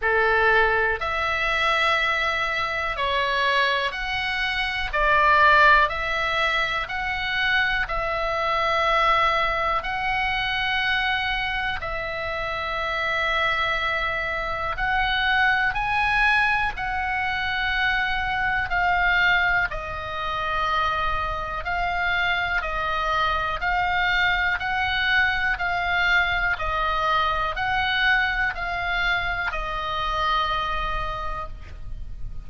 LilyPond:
\new Staff \with { instrumentName = "oboe" } { \time 4/4 \tempo 4 = 61 a'4 e''2 cis''4 | fis''4 d''4 e''4 fis''4 | e''2 fis''2 | e''2. fis''4 |
gis''4 fis''2 f''4 | dis''2 f''4 dis''4 | f''4 fis''4 f''4 dis''4 | fis''4 f''4 dis''2 | }